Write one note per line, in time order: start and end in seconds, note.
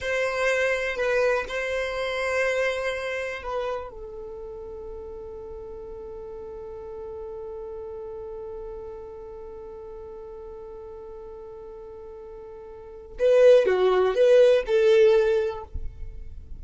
0.00 0.96 C5
0.96 1.45 B4
1.48 3.43 C5
3.43 3.90 B4
3.90 13.17 A4
13.19 13.66 B4
13.66 14.15 F#4
14.15 14.63 B4
14.66 15.63 A4